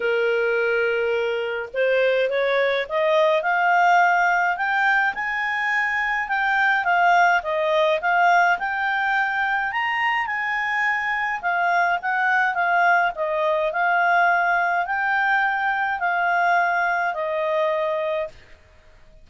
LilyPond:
\new Staff \with { instrumentName = "clarinet" } { \time 4/4 \tempo 4 = 105 ais'2. c''4 | cis''4 dis''4 f''2 | g''4 gis''2 g''4 | f''4 dis''4 f''4 g''4~ |
g''4 ais''4 gis''2 | f''4 fis''4 f''4 dis''4 | f''2 g''2 | f''2 dis''2 | }